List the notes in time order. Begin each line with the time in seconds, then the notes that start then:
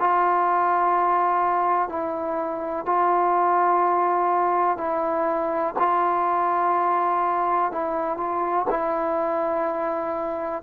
0.00 F4
1.90 E4
2.86 F4
4.78 E4
5.79 F4
7.72 E4
8.17 F4
8.70 E4